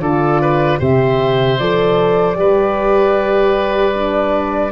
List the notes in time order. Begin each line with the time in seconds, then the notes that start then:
0.00 D3 F4 A4 D5
0.42 B4
0.79 C3 G4 C5 E5
1.59 F3 A4 D5
2.36 G3 G4 B4
3.94 D4